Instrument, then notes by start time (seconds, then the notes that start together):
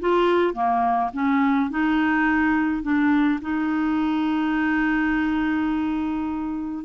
clarinet
0.00 F4
0.54 A#3
1.13 C#4
1.70 D#4
2.83 D4
3.42 D#4